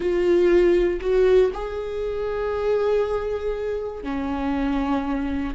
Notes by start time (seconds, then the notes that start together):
0.00 F4
1.01 F#4
1.53 G#4
4.03 C#4